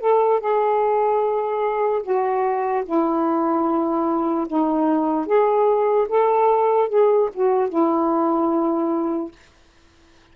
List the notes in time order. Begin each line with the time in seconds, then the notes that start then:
0.00 A4
0.40 G#4
2.03 F#4
2.85 E4
4.47 D#4
5.26 G#4
6.08 A4
6.89 G#4
7.34 F#4
7.69 E4